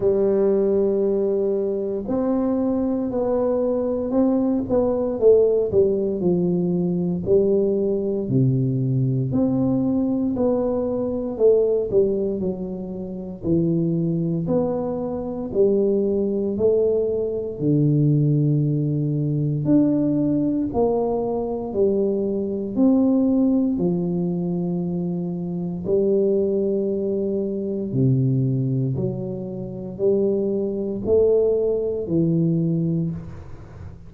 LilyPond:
\new Staff \with { instrumentName = "tuba" } { \time 4/4 \tempo 4 = 58 g2 c'4 b4 | c'8 b8 a8 g8 f4 g4 | c4 c'4 b4 a8 g8 | fis4 e4 b4 g4 |
a4 d2 d'4 | ais4 g4 c'4 f4~ | f4 g2 c4 | fis4 g4 a4 e4 | }